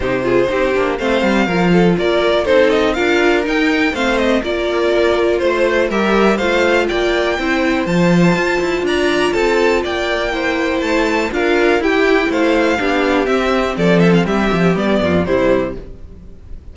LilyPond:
<<
  \new Staff \with { instrumentName = "violin" } { \time 4/4 \tempo 4 = 122 c''2 f''2 | d''4 c''8 dis''8 f''4 g''4 | f''8 dis''8 d''2 c''4 | e''4 f''4 g''2 |
a''2 ais''4 a''4 | g''2 a''4 f''4 | g''4 f''2 e''4 | d''8 e''16 f''16 e''4 d''4 c''4 | }
  \new Staff \with { instrumentName = "violin" } { \time 4/4 g'8 gis'8 g'4 c''4 ais'8 a'8 | ais'4 a'4 ais'2 | c''4 ais'2 c''4 | ais'4 c''4 d''4 c''4~ |
c''2 d''4 a'4 | d''4 c''2 ais'4 | g'4 c''4 g'2 | a'4 g'4. f'8 e'4 | }
  \new Staff \with { instrumentName = "viola" } { \time 4/4 dis'8 f'8 dis'8 d'8 c'4 f'4~ | f'4 dis'4 f'4 dis'4 | c'4 f'2. | g'4 f'2 e'4 |
f'1~ | f'4 e'2 f'4 | e'2 d'4 c'4~ | c'2 b4 g4 | }
  \new Staff \with { instrumentName = "cello" } { \time 4/4 c4 c'8 ais8 a8 g8 f4 | ais4 c'4 d'4 dis'4 | a4 ais2 a4 | g4 a4 ais4 c'4 |
f4 f'8 e'8 d'4 c'4 | ais2 a4 d'4 | e'4 a4 b4 c'4 | f4 g8 f8 g8 f,8 c4 | }
>>